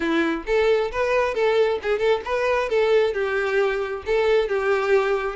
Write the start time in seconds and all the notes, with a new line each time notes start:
0.00 E4
0.46 A4
0.91 B4
1.34 A4
1.82 G#4
1.98 A4
2.24 B4
2.69 A4
3.13 G4
4.06 A4
4.48 G4